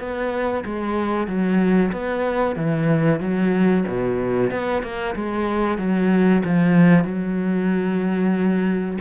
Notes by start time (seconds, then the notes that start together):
0.00 B3
0.65 G#3
1.27 F#3
1.92 B3
2.56 E3
3.20 F#3
3.88 B2
4.51 B3
4.83 A#3
5.16 G#3
5.78 F#3
6.45 F3
7.05 F#3